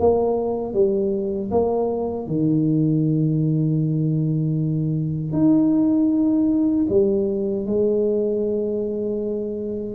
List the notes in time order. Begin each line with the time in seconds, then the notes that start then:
0.00 A#3
0.74 G3
1.51 A#3
2.27 D#3
5.33 D#4
6.90 G3
7.66 G#3